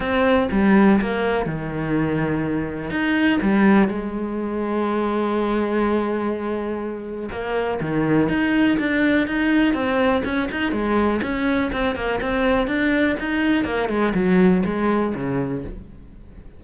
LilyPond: \new Staff \with { instrumentName = "cello" } { \time 4/4 \tempo 4 = 123 c'4 g4 ais4 dis4~ | dis2 dis'4 g4 | gis1~ | gis2. ais4 |
dis4 dis'4 d'4 dis'4 | c'4 cis'8 dis'8 gis4 cis'4 | c'8 ais8 c'4 d'4 dis'4 | ais8 gis8 fis4 gis4 cis4 | }